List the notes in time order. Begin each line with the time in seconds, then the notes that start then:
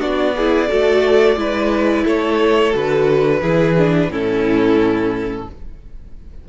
0.00 B3 D4 F#4 D5
0.36 E4 G#4
0.69 A3 F#4 A4
1.37 G#3 E4 B4
2.04 A3 A4 C#5
2.72 D3 F#4 B4
3.41 E3 E4 G#4
3.78 D4
4.10 A2 C#4 E4 A4